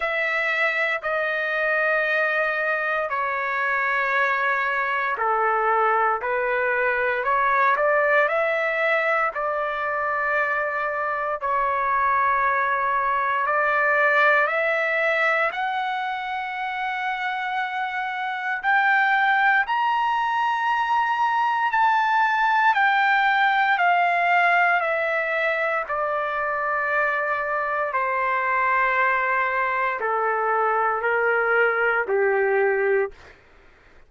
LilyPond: \new Staff \with { instrumentName = "trumpet" } { \time 4/4 \tempo 4 = 58 e''4 dis''2 cis''4~ | cis''4 a'4 b'4 cis''8 d''8 | e''4 d''2 cis''4~ | cis''4 d''4 e''4 fis''4~ |
fis''2 g''4 ais''4~ | ais''4 a''4 g''4 f''4 | e''4 d''2 c''4~ | c''4 a'4 ais'4 g'4 | }